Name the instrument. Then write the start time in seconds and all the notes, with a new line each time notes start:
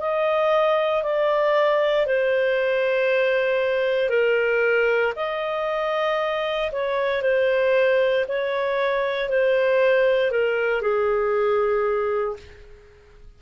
clarinet
0.00 D#5
1.03 D5
2.06 C5
4.10 A#4
5.16 D#5
6.72 C#5
7.22 C5
8.29 C#5
9.30 C5
10.31 A#4
10.82 G#4